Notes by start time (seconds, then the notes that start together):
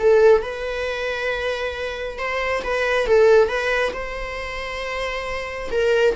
0.00 A4
0.42 B4
2.19 C5
2.64 B4
3.07 A4
3.49 B4
3.93 C5
5.71 A#4